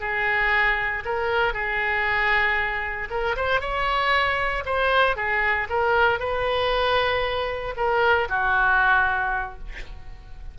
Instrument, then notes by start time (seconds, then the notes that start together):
oboe
0.00 G#4
1.05 A#4
1.53 G#4
3.10 A#4
3.36 C5
3.60 C#5
4.65 C5
5.16 G#4
5.69 A#4
6.19 B4
7.77 A#4
8.29 F#4